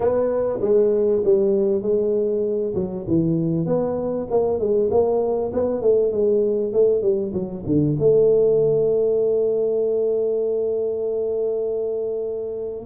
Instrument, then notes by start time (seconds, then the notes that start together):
tuba
0.00 B3
0.61 G#3
1.24 G3
1.81 G#3
2.74 F#3
3.07 E3
3.66 B3
4.30 A#3
4.59 G#3
4.90 A#3
5.53 B3
5.81 A3
6.11 G#3
6.72 A3
7.02 G3
7.33 F#3
7.66 D3
7.99 A3